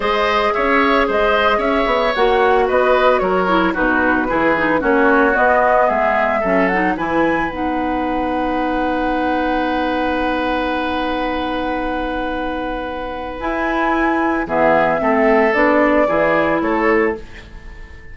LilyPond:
<<
  \new Staff \with { instrumentName = "flute" } { \time 4/4 \tempo 4 = 112 dis''4 e''4 dis''4 e''4 | fis''4 dis''4 cis''4 b'4~ | b'4 cis''4 dis''4 e''4~ | e''8 fis''8 gis''4 fis''2~ |
fis''1~ | fis''1~ | fis''4 gis''2 e''4~ | e''4 d''2 cis''4 | }
  \new Staff \with { instrumentName = "oboe" } { \time 4/4 c''4 cis''4 c''4 cis''4~ | cis''4 b'4 ais'4 fis'4 | gis'4 fis'2 gis'4 | a'4 b'2.~ |
b'1~ | b'1~ | b'2. gis'4 | a'2 gis'4 a'4 | }
  \new Staff \with { instrumentName = "clarinet" } { \time 4/4 gis'1 | fis'2~ fis'8 e'8 dis'4 | e'8 dis'8 cis'4 b2 | cis'8 dis'8 e'4 dis'2~ |
dis'1~ | dis'1~ | dis'4 e'2 b4 | c'4 d'4 e'2 | }
  \new Staff \with { instrumentName = "bassoon" } { \time 4/4 gis4 cis'4 gis4 cis'8 b8 | ais4 b4 fis4 b,4 | e4 ais4 b4 gis4 | fis4 e4 b2~ |
b1~ | b1~ | b4 e'2 e4 | a4 b4 e4 a4 | }
>>